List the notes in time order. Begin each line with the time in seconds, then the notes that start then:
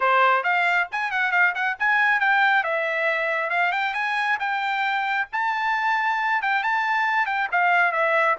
0.00 C5
0.43 F5
0.91 G#5
1.11 F#5
1.31 F5
1.54 F#5
1.79 G#5
2.20 G5
2.63 E5
3.50 F5
3.71 G5
3.93 G#5
4.39 G5
5.32 A5
6.42 G5
6.63 A5
7.26 G5
7.51 F5
7.92 E5